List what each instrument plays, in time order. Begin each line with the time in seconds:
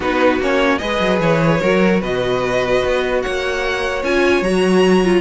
0.00 cello B3, viola D#4, violin F#4 B4
0.39 cello A#3, viola C#4, violin C#5
0.78 cello G#3, viola G#4, violin B4 D#5
1.00 cello F#3
1.20 cello E3, violin C#5
1.61 cello F#3, viola F#4, violin A#4
2.00 cello B2, violin B4 D#5
2.84 cello B3
3.22 cello A#3, violin C#5 F#5
4.03 cello C#4, viola F4, violin G#5
4.41 cello F#3, viola F#4, violin A#5
5.04 viola F4